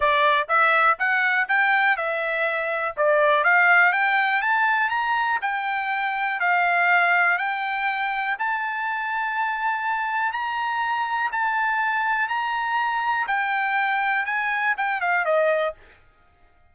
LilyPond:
\new Staff \with { instrumentName = "trumpet" } { \time 4/4 \tempo 4 = 122 d''4 e''4 fis''4 g''4 | e''2 d''4 f''4 | g''4 a''4 ais''4 g''4~ | g''4 f''2 g''4~ |
g''4 a''2.~ | a''4 ais''2 a''4~ | a''4 ais''2 g''4~ | g''4 gis''4 g''8 f''8 dis''4 | }